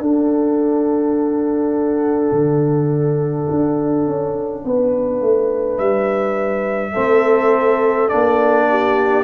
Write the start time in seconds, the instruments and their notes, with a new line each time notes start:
0.00 tuba D4, trombone D4, horn A4, trumpet F#5
2.32 tuba D3
3.50 tuba D4
4.06 tuba C#4
4.65 tuba B3, horn B4
5.21 tuba A3
5.78 tuba G3, trumpet E5
6.92 tuba A3, trombone C4, horn A4
8.09 tuba A#3, trombone D4, trumpet D5
8.69 horn G4